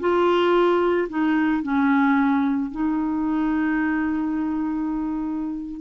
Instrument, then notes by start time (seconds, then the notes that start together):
clarinet
0.00 F4
1.09 D#4
1.63 C#4
2.71 D#4